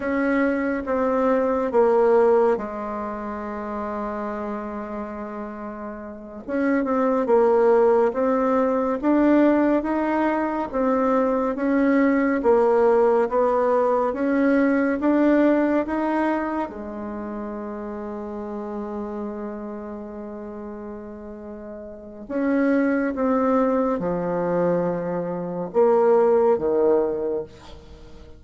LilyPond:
\new Staff \with { instrumentName = "bassoon" } { \time 4/4 \tempo 4 = 70 cis'4 c'4 ais4 gis4~ | gis2.~ gis8 cis'8 | c'8 ais4 c'4 d'4 dis'8~ | dis'8 c'4 cis'4 ais4 b8~ |
b8 cis'4 d'4 dis'4 gis8~ | gis1~ | gis2 cis'4 c'4 | f2 ais4 dis4 | }